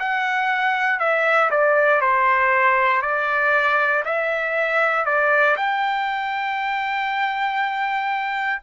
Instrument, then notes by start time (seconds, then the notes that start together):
trumpet
0.00 F#5
1.00 E5
1.51 D5
2.02 C5
3.02 D5
4.05 E5
5.06 D5
5.57 G5